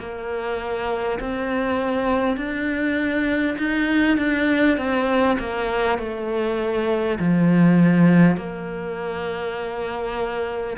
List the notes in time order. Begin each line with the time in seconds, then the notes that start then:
0.00 A#3
1.20 C4
2.37 D4
3.58 D#4
4.18 D4
4.78 C4
5.39 A#3
5.99 A3
7.20 F3
8.37 A#3